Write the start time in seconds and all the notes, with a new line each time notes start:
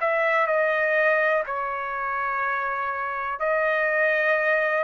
0.00 E5
0.46 D#5
1.46 C#5
3.39 D#5